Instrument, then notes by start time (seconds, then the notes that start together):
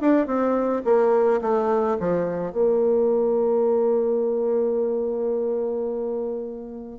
bassoon
0.00 D4
0.26 C4
0.84 A#3
1.41 A3
1.99 F3
2.52 A#3